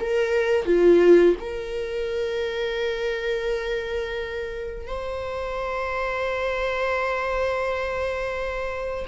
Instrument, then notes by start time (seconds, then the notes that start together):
viola
0.00 A#4
0.66 F4
1.40 A#4
4.87 C5